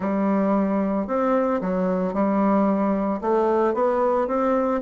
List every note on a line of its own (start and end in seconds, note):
0.00 1.07 G3
1.07 1.60 C4
1.61 2.13 F#3
2.13 3.20 G3
3.21 3.74 A3
3.74 4.27 B3
4.27 4.81 C4